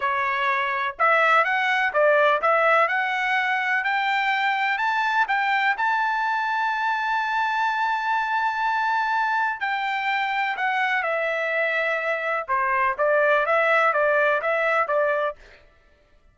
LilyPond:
\new Staff \with { instrumentName = "trumpet" } { \time 4/4 \tempo 4 = 125 cis''2 e''4 fis''4 | d''4 e''4 fis''2 | g''2 a''4 g''4 | a''1~ |
a''1 | g''2 fis''4 e''4~ | e''2 c''4 d''4 | e''4 d''4 e''4 d''4 | }